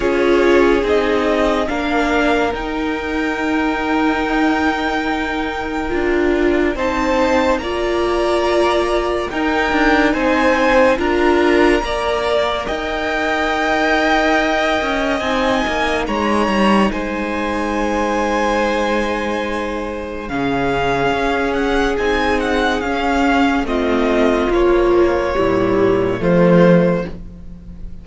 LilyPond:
<<
  \new Staff \with { instrumentName = "violin" } { \time 4/4 \tempo 4 = 71 cis''4 dis''4 f''4 g''4~ | g''1 | a''4 ais''2 g''4 | gis''4 ais''2 g''4~ |
g''2 gis''4 ais''4 | gis''1 | f''4. fis''8 gis''8 fis''8 f''4 | dis''4 cis''2 c''4 | }
  \new Staff \with { instrumentName = "violin" } { \time 4/4 gis'2 ais'2~ | ais'1 | c''4 d''2 ais'4 | c''4 ais'4 d''4 dis''4~ |
dis''2. cis''4 | c''1 | gis'1 | f'2 e'4 f'4 | }
  \new Staff \with { instrumentName = "viola" } { \time 4/4 f'4 dis'4 d'4 dis'4~ | dis'2. f'4 | dis'4 f'2 dis'4~ | dis'4 f'4 ais'2~ |
ais'2 dis'2~ | dis'1 | cis'2 dis'4 cis'4 | c'4 f4 g4 a4 | }
  \new Staff \with { instrumentName = "cello" } { \time 4/4 cis'4 c'4 ais4 dis'4~ | dis'2. d'4 | c'4 ais2 dis'8 d'8 | c'4 d'4 ais4 dis'4~ |
dis'4. cis'8 c'8 ais8 gis8 g8 | gis1 | cis4 cis'4 c'4 cis'4 | a4 ais4 ais,4 f4 | }
>>